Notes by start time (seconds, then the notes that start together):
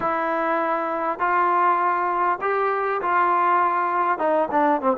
0.00 E4
1.19 F4
2.41 G4
3.01 F4
4.18 D#4
4.51 D4
4.81 C4